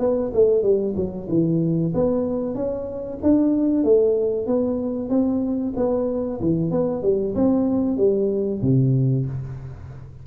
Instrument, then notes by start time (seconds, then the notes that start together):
tuba
0.00 B3
0.34 A3
0.63 G3
0.97 F#3
1.29 E3
1.94 B3
2.55 C#4
3.23 D4
3.84 A3
4.47 B3
5.10 C4
5.77 B3
6.41 E3
6.71 B3
7.03 G3
7.35 C4
7.97 G3
8.62 C3